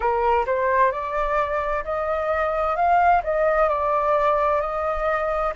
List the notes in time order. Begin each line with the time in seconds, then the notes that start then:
0.00 A#4
0.46 C5
0.91 D5
1.84 D#5
2.76 F5
3.23 D#5
3.68 D5
4.61 D#5